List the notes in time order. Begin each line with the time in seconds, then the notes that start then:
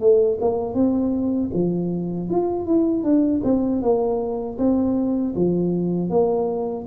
0.00 A3
0.40 A#3
0.74 C4
1.53 F3
2.29 F4
2.65 E4
3.03 D4
3.43 C4
3.81 A#3
4.58 C4
5.35 F3
6.09 A#3